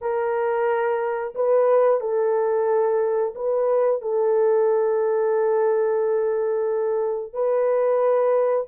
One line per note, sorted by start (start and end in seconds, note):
0.01 1.34 A#4
1.35 2.00 B4
2.00 3.33 A4
3.35 4.01 B4
4.01 7.33 A4
7.33 8.66 B4